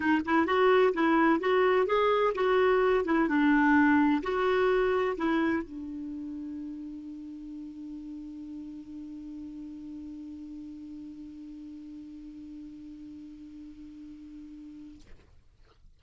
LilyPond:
\new Staff \with { instrumentName = "clarinet" } { \time 4/4 \tempo 4 = 128 dis'8 e'8 fis'4 e'4 fis'4 | gis'4 fis'4. e'8 d'4~ | d'4 fis'2 e'4 | d'1~ |
d'1~ | d'1~ | d'1~ | d'1 | }